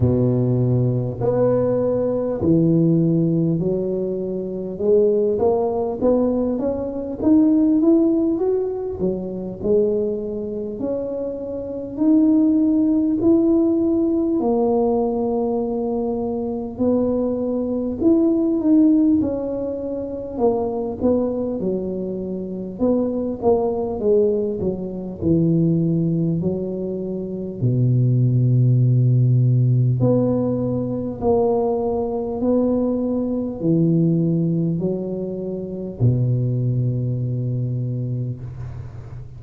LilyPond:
\new Staff \with { instrumentName = "tuba" } { \time 4/4 \tempo 4 = 50 b,4 b4 e4 fis4 | gis8 ais8 b8 cis'8 dis'8 e'8 fis'8 fis8 | gis4 cis'4 dis'4 e'4 | ais2 b4 e'8 dis'8 |
cis'4 ais8 b8 fis4 b8 ais8 | gis8 fis8 e4 fis4 b,4~ | b,4 b4 ais4 b4 | e4 fis4 b,2 | }